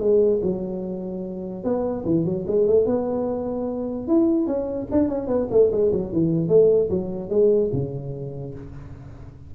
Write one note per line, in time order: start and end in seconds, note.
0.00 0.41 G#3
0.43 1.64 F#3
1.64 2.05 B3
2.06 2.26 E3
2.26 2.46 F#3
2.47 2.67 G#3
2.67 2.86 A3
2.86 4.08 B3
4.08 4.47 E4
4.47 4.88 C#4
4.91 5.09 D4
5.09 5.28 C#4
5.28 5.48 B3
5.51 5.71 A3
5.72 5.92 G#3
5.92 6.13 F#3
6.13 6.49 E3
6.49 6.89 A3
6.90 7.30 F#3
7.30 7.71 G#3
7.73 8.54 C#3